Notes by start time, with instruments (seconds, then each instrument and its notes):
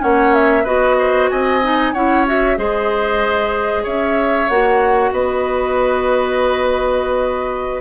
0.00 bassoon A#3, clarinet C#4, oboe C#5, flute F#5
0.34 flute E5
0.64 bassoon B3, clarinet F#4, oboe B4, flute D#5
0.99 oboe C5
1.30 bassoon C4, oboe D#5, flute G#5
1.62 clarinet D#4
1.93 bassoon C#4, clarinet E4, oboe C#5, flute F#5
2.27 clarinet F#4, flute E5
2.57 bassoon G#3, clarinet G#4, oboe C5, flute D#5
3.83 bassoon C#4, oboe C#5, flute E5
4.49 bassoon A#3, clarinet F#4, flute F#5
5.11 bassoon B3, oboe B4, flute D#5